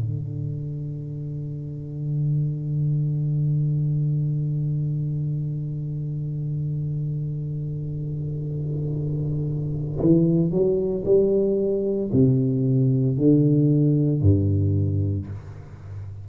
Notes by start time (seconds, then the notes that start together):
0.00 D3
10.01 E3
10.51 F#3
11.05 G3
12.12 C3
13.18 D3
14.22 G2